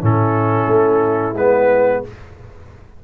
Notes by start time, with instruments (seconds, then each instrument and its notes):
0.00 tuba A2, trombone C#4, horn E4, trumpet A4
0.67 tuba A3
1.34 tuba G#3, trombone B3, trumpet B4